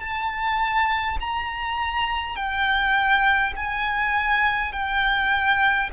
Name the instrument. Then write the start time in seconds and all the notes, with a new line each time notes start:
violin
0.00 A5
1.20 A#5
2.36 G5
3.56 G#5
4.72 G5